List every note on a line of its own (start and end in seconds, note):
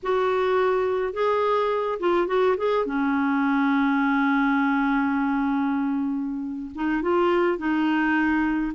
0.02 1.13 F#4
1.13 1.98 G#4
1.99 2.27 F4
2.27 2.56 F#4
2.57 2.85 G#4
2.85 6.71 C#4
6.75 7.01 D#4
7.01 7.58 F4
7.58 8.72 D#4